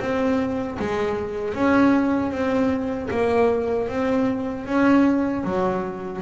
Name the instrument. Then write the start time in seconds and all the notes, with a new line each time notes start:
double bass
0.00 C4
0.79 G#3
1.54 C#4
2.31 C4
3.11 A#3
3.89 C4
4.66 C#4
5.44 F#3